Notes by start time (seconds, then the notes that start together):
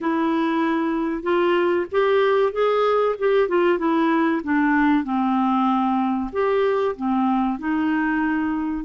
0.01 E4
1.22 F4
1.91 G4
2.52 G#4
3.18 G4
3.48 F4
3.78 E4
4.43 D4
5.04 C4
6.32 G4
6.96 C4
7.58 D#4